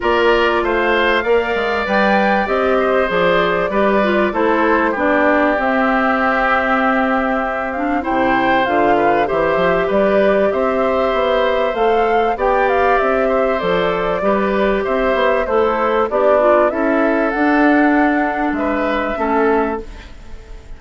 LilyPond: <<
  \new Staff \with { instrumentName = "flute" } { \time 4/4 \tempo 4 = 97 d''4 f''2 g''4 | dis''4 d''2 c''4 | d''4 e''2.~ | e''8 f''8 g''4 f''4 e''4 |
d''4 e''2 f''4 | g''8 f''8 e''4 d''2 | e''4 c''4 d''4 e''4 | fis''2 e''2 | }
  \new Staff \with { instrumentName = "oboe" } { \time 4/4 ais'4 c''4 d''2~ | d''8 c''4. b'4 a'4 | g'1~ | g'4 c''4. b'8 c''4 |
b'4 c''2. | d''4. c''4. b'4 | c''4 e'4 d'4 a'4~ | a'2 b'4 a'4 | }
  \new Staff \with { instrumentName = "clarinet" } { \time 4/4 f'2 ais'4 b'4 | g'4 gis'4 g'8 f'8 e'4 | d'4 c'2.~ | c'8 d'8 e'4 f'4 g'4~ |
g'2. a'4 | g'2 a'4 g'4~ | g'4 a'4 g'8 f'8 e'4 | d'2. cis'4 | }
  \new Staff \with { instrumentName = "bassoon" } { \time 4/4 ais4 a4 ais8 gis8 g4 | c'4 f4 g4 a4 | b4 c'2.~ | c'4 c4 d4 e8 f8 |
g4 c'4 b4 a4 | b4 c'4 f4 g4 | c'8 b8 a4 b4 cis'4 | d'2 gis4 a4 | }
>>